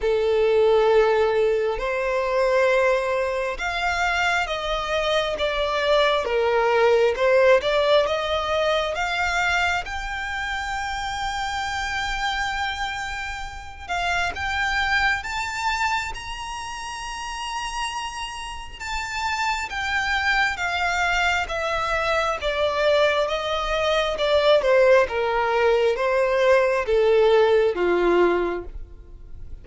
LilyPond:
\new Staff \with { instrumentName = "violin" } { \time 4/4 \tempo 4 = 67 a'2 c''2 | f''4 dis''4 d''4 ais'4 | c''8 d''8 dis''4 f''4 g''4~ | g''2.~ g''8 f''8 |
g''4 a''4 ais''2~ | ais''4 a''4 g''4 f''4 | e''4 d''4 dis''4 d''8 c''8 | ais'4 c''4 a'4 f'4 | }